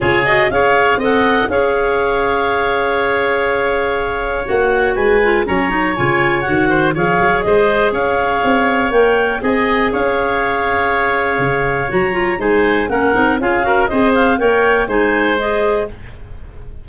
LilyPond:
<<
  \new Staff \with { instrumentName = "clarinet" } { \time 4/4 \tempo 4 = 121 cis''8 dis''8 f''4 fis''4 f''4~ | f''1~ | f''4 fis''4 gis''4 ais''4 | gis''4 fis''4 f''4 dis''4 |
f''2 g''4 gis''4 | f''1 | ais''4 gis''4 fis''4 f''4 | dis''8 f''8 g''4 gis''4 dis''4 | }
  \new Staff \with { instrumentName = "oboe" } { \time 4/4 gis'4 cis''4 dis''4 cis''4~ | cis''1~ | cis''2 b'4 cis''4~ | cis''4. c''8 cis''4 c''4 |
cis''2. dis''4 | cis''1~ | cis''4 c''4 ais'4 gis'8 ais'8 | c''4 cis''4 c''2 | }
  \new Staff \with { instrumentName = "clarinet" } { \time 4/4 f'8 fis'8 gis'4 a'4 gis'4~ | gis'1~ | gis'4 fis'4. f'8 cis'8 dis'8 | f'4 fis'4 gis'2~ |
gis'2 ais'4 gis'4~ | gis'1 | fis'8 f'8 dis'4 cis'8 dis'8 f'8 fis'8 | gis'4 ais'4 dis'4 gis'4 | }
  \new Staff \with { instrumentName = "tuba" } { \time 4/4 cis4 cis'4 c'4 cis'4~ | cis'1~ | cis'4 ais4 gis4 fis4 | cis4 dis4 f8 fis8 gis4 |
cis'4 c'4 ais4 c'4 | cis'2. cis4 | fis4 gis4 ais8 c'8 cis'4 | c'4 ais4 gis2 | }
>>